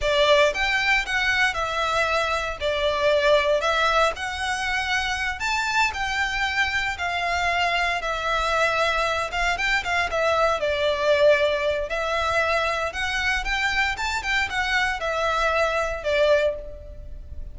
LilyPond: \new Staff \with { instrumentName = "violin" } { \time 4/4 \tempo 4 = 116 d''4 g''4 fis''4 e''4~ | e''4 d''2 e''4 | fis''2~ fis''8 a''4 g''8~ | g''4. f''2 e''8~ |
e''2 f''8 g''8 f''8 e''8~ | e''8 d''2~ d''8 e''4~ | e''4 fis''4 g''4 a''8 g''8 | fis''4 e''2 d''4 | }